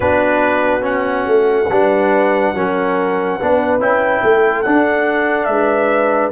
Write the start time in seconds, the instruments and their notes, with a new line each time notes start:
0.00 tuba B3, trombone D4, horn F#4, trumpet B4
0.80 trombone C#4, trumpet F#5
1.26 tuba A3
1.69 tuba G3, trombone D4, horn B4
2.54 tuba F#3, trombone C#4, horn A#4
3.37 tuba B3, trombone D4, horn B4
3.79 tuba C#4, trombone E4, trumpet G5
4.23 tuba A3, horn A4
4.62 trombone D4, tuba D4, trumpet F#5
5.44 tuba G#3, trumpet E5
5.51 horn B4